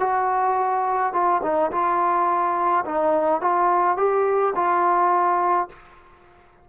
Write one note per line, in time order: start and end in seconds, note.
0.00 1.13 F#4
1.13 1.42 F4
1.43 1.71 D#4
1.72 2.85 F4
2.86 3.41 D#4
3.41 3.98 F4
3.98 4.54 G4
4.56 5.69 F4